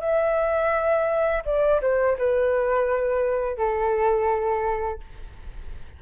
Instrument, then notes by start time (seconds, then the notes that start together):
flute
0.00 E5
1.45 D5
1.81 C5
2.18 B4
3.57 A4